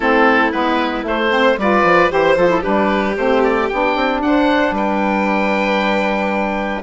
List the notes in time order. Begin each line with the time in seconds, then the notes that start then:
0.00 A3 C4 E4 A4
0.52 G#3 B3 B4
1.03 A3 C5
1.30 C4 C5
1.57 G3 F4 B4 D5
1.83 F3
2.09 E3 G4 C5
2.37 F3 F4 A4
2.48 E4
2.60 G3 D4 G4 B4
3.16 A3 C4 C5
3.43 D5
3.68 B3 D4 G5
3.96 C4
4.21 D4 C5 F#5
4.71 G3 B4 G5